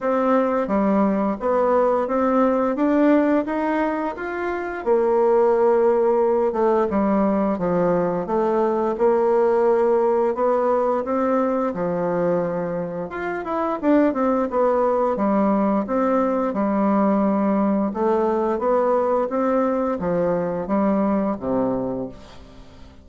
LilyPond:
\new Staff \with { instrumentName = "bassoon" } { \time 4/4 \tempo 4 = 87 c'4 g4 b4 c'4 | d'4 dis'4 f'4 ais4~ | ais4. a8 g4 f4 | a4 ais2 b4 |
c'4 f2 f'8 e'8 | d'8 c'8 b4 g4 c'4 | g2 a4 b4 | c'4 f4 g4 c4 | }